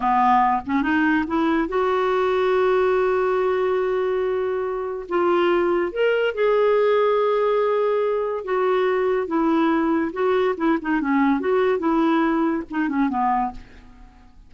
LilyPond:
\new Staff \with { instrumentName = "clarinet" } { \time 4/4 \tempo 4 = 142 b4. cis'8 dis'4 e'4 | fis'1~ | fis'1 | f'2 ais'4 gis'4~ |
gis'1 | fis'2 e'2 | fis'4 e'8 dis'8 cis'4 fis'4 | e'2 dis'8 cis'8 b4 | }